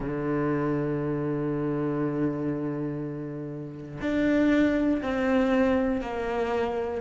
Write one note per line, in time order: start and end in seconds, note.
0.00 4.00 D3
4.00 5.00 D4
5.02 6.00 C4
6.00 7.00 A#3